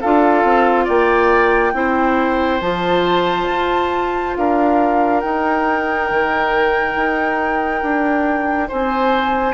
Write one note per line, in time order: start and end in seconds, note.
0.00 0.43 D4
0.00 1.73 F4
0.00 0.84 A4
0.00 0.87 F5
0.43 0.87 C4
0.84 1.73 A#3
0.84 1.71 D5
0.84 2.61 G5
1.73 2.60 C4
1.73 2.60 E4
1.73 4.37 C5
2.61 3.47 F3
2.61 5.22 F4
2.61 4.35 A5
3.49 4.36 F4
4.36 5.23 D4
4.36 8.68 A#4
4.36 5.20 F5
5.20 9.54 D#4
5.20 6.10 D#4
5.20 8.68 G5
6.10 6.95 D#3
6.95 7.82 D#4
7.82 8.69 D4
8.68 9.54 C4
8.68 9.54 C5
8.68 9.54 G#5